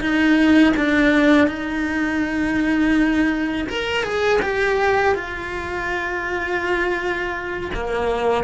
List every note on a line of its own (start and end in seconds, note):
0.00 0.73 D#4
0.77 1.47 D4
1.47 3.67 D#4
3.69 4.03 A#4
4.03 4.40 G#4
4.42 5.15 G4
5.15 7.71 F4
7.74 8.44 A#3